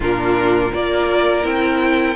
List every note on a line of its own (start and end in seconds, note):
0.00 0.70 A#2
0.00 0.71 D4
0.00 0.72 F4
0.00 0.74 A#4
0.71 1.44 A#3
0.71 1.43 F4
0.71 2.16 A#4
0.71 1.46 D5
1.43 2.16 C4
1.43 2.15 E4
1.43 2.16 G5